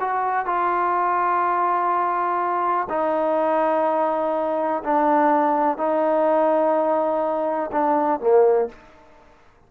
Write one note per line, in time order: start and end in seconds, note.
0.00 0.45 F#4
0.45 2.87 F4
2.89 4.83 D#4
4.84 5.77 D4
5.77 7.70 D#4
7.71 8.20 D4
8.20 8.68 A#3